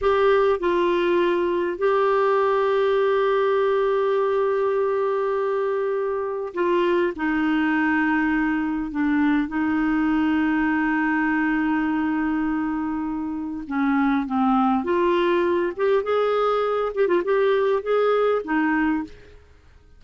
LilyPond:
\new Staff \with { instrumentName = "clarinet" } { \time 4/4 \tempo 4 = 101 g'4 f'2 g'4~ | g'1~ | g'2. f'4 | dis'2. d'4 |
dis'1~ | dis'2. cis'4 | c'4 f'4. g'8 gis'4~ | gis'8 g'16 f'16 g'4 gis'4 dis'4 | }